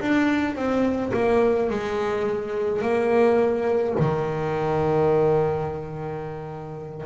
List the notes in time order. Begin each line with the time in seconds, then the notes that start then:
0.00 D4
0.55 C4
1.13 A#3
1.70 G#3
2.82 A#3
3.99 D#3